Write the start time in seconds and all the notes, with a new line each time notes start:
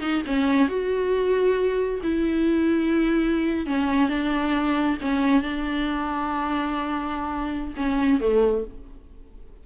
0.00 D#4
0.26 C#4
0.68 F#4
2.03 E4
3.66 C#4
4.09 D4
5.01 C#4
5.42 D4
7.76 C#4
8.20 A3